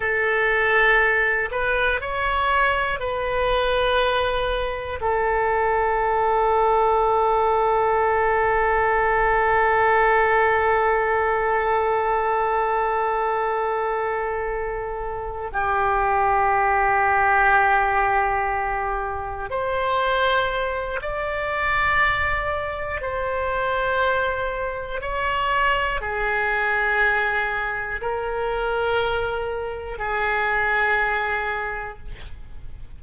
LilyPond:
\new Staff \with { instrumentName = "oboe" } { \time 4/4 \tempo 4 = 60 a'4. b'8 cis''4 b'4~ | b'4 a'2.~ | a'1~ | a'2.~ a'8 g'8~ |
g'2.~ g'8 c''8~ | c''4 d''2 c''4~ | c''4 cis''4 gis'2 | ais'2 gis'2 | }